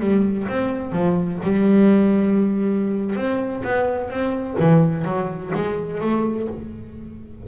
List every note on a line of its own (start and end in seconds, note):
0.00 0.47 G3
0.48 0.92 C4
0.92 1.39 F3
1.43 3.16 G3
3.16 3.63 C4
3.64 4.10 B3
4.10 4.57 C4
4.59 5.05 E3
5.05 5.52 F#3
5.54 6.01 G#3
6.01 6.48 A3